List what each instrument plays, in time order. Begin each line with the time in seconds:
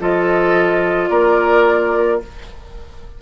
0.00 bassoon F3, clarinet F4, oboe A4, flute D#5
1.09 bassoon A#3, oboe A#4, flute D5